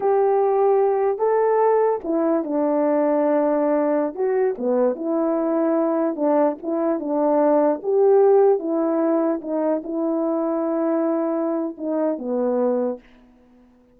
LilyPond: \new Staff \with { instrumentName = "horn" } { \time 4/4 \tempo 4 = 148 g'2. a'4~ | a'4 e'4 d'2~ | d'2~ d'16 fis'4 b8.~ | b16 e'2. d'8.~ |
d'16 e'4 d'2 g'8.~ | g'4~ g'16 e'2 dis'8.~ | dis'16 e'2.~ e'8.~ | e'4 dis'4 b2 | }